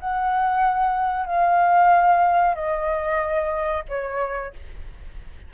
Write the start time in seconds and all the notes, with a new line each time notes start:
0.00 F#5
1.26 F5
2.55 D#5
3.89 C#5